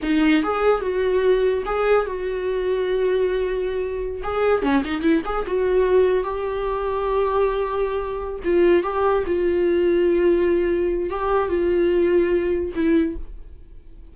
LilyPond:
\new Staff \with { instrumentName = "viola" } { \time 4/4 \tempo 4 = 146 dis'4 gis'4 fis'2 | gis'4 fis'2.~ | fis'2~ fis'16 gis'4 cis'8 dis'16~ | dis'16 e'8 gis'8 fis'2 g'8.~ |
g'1~ | g'8 f'4 g'4 f'4.~ | f'2. g'4 | f'2. e'4 | }